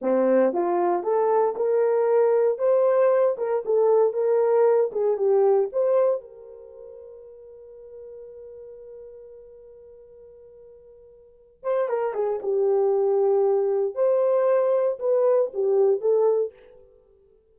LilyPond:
\new Staff \with { instrumentName = "horn" } { \time 4/4 \tempo 4 = 116 c'4 f'4 a'4 ais'4~ | ais'4 c''4. ais'8 a'4 | ais'4. gis'8 g'4 c''4 | ais'1~ |
ais'1~ | ais'2~ ais'8 c''8 ais'8 gis'8 | g'2. c''4~ | c''4 b'4 g'4 a'4 | }